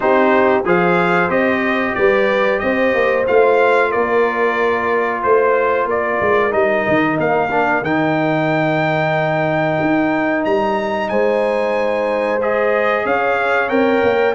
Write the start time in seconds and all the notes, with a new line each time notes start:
0.00 C4 D#4 G4 C5
0.64 F3 G#4 C5 F5
1.29 C4 G4 D#5
1.95 G3 B4 D5
2.59 C4 C5 D#5
2.94 A#3
3.27 A3 F4 F5
3.90 A#3 A#4 D5
5.22 A3 C5
5.85 A#3 A#4 D5
6.21 G#3
6.51 G3 D#4 D#5
6.88 D#3
7.18 A#3 F5
7.50 D4
7.82 D#3 D#4 G5
9.80 D#4
10.45 G3 A#5
11.08 G#3 C5 G#5
12.41 G#4 D#5
13.04 C#4 C#5 F5
13.69 C4 A#4 G5
14.03 A#3